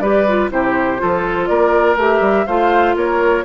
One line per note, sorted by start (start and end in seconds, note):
0.00 0.49 G3
0.00 0.27 G4
0.00 0.51 B4
0.00 0.49 D5
0.28 0.50 F4
0.50 1.00 C3
0.50 0.98 E4
0.50 1.02 G4
0.50 1.47 C5
0.98 1.50 F3
0.98 1.96 F4
0.98 1.49 A4
1.47 1.96 A#3
1.47 2.46 A#4
1.47 1.96 D5
1.96 2.21 A3
1.96 2.47 G4
1.96 2.47 E5
2.21 2.45 G3
2.46 2.96 A3
2.46 3.45 F4
2.46 2.95 C5
2.46 2.96 F5
2.96 3.44 A#3
2.96 3.45 A#4
2.96 3.45 C#5